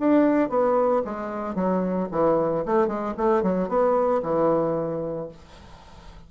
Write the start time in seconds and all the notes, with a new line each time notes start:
0.00 D4
0.50 B3
1.05 G#3
1.56 F#3
2.12 E3
2.66 A3
2.88 G#3
3.18 A3
3.43 F#3
3.69 B3
4.23 E3